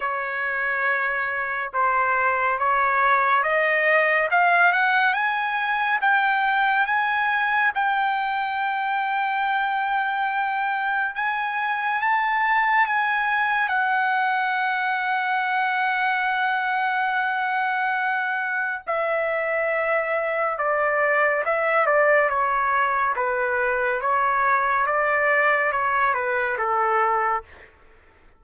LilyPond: \new Staff \with { instrumentName = "trumpet" } { \time 4/4 \tempo 4 = 70 cis''2 c''4 cis''4 | dis''4 f''8 fis''8 gis''4 g''4 | gis''4 g''2.~ | g''4 gis''4 a''4 gis''4 |
fis''1~ | fis''2 e''2 | d''4 e''8 d''8 cis''4 b'4 | cis''4 d''4 cis''8 b'8 a'4 | }